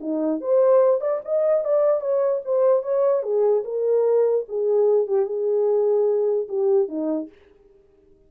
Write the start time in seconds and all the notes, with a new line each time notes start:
0.00 D#4
0.40 C5
1.00 D5
1.24 D#5
1.64 D5
2.00 C#5
2.45 C5
2.82 C#5
3.23 G#4
3.64 A#4
4.48 G#4
5.07 G4
5.25 G#4
6.48 G4
6.88 D#4